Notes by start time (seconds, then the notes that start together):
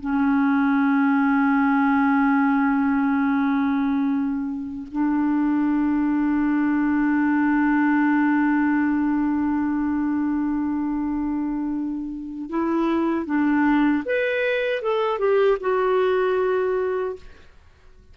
0.00 C#4
4.92 D4
12.50 E4
13.26 D4
14.05 B4
14.82 A4
15.19 G4
15.60 F#4